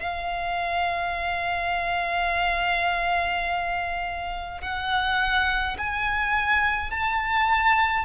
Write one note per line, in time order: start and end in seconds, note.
0.00 4.62 F5
4.62 5.77 F#5
5.78 6.91 G#5
6.91 8.06 A5